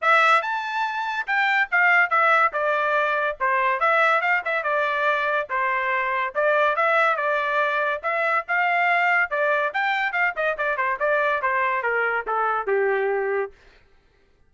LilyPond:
\new Staff \with { instrumentName = "trumpet" } { \time 4/4 \tempo 4 = 142 e''4 a''2 g''4 | f''4 e''4 d''2 | c''4 e''4 f''8 e''8 d''4~ | d''4 c''2 d''4 |
e''4 d''2 e''4 | f''2 d''4 g''4 | f''8 dis''8 d''8 c''8 d''4 c''4 | ais'4 a'4 g'2 | }